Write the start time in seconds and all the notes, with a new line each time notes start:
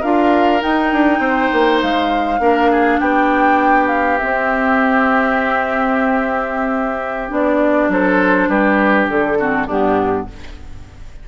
0.00 D4 F4 A#4 F5
0.60 D#4 G5
0.93 D4
1.19 C4 C5
1.53 A#3
1.82 G#3 F5
2.39 A#3 D4 A#4
2.71 G#4
3.00 B3 G4 G5
3.88 F5
4.18 C4 E5
7.28 B3 D4 D5
7.88 F#3 A4 C5
8.48 G3 G4 B4
9.08 D3 A4
9.38 C4 F#4
9.67 G2 B3 D4 G4